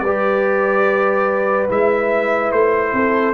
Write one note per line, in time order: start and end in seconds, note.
0.00 1.68 G3
0.00 2.93 B4
0.00 1.67 D5
0.07 1.69 G4
1.69 2.52 G#3
1.69 3.34 E4
1.69 2.52 E5
2.52 2.93 A3
2.52 3.34 C5
2.93 3.34 C4
2.93 3.34 A4